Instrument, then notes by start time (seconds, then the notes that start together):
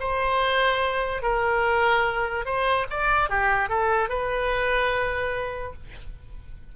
oboe
0.00 C5
1.23 A#4
2.45 C5
2.90 D5
3.30 G4
3.69 A4
4.09 B4